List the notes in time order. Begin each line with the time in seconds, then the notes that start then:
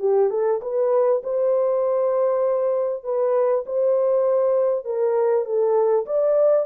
0.00 G4
0.31 A4
0.62 B4
1.23 C5
3.04 B4
3.66 C5
4.85 A#4
5.45 A4
6.07 D5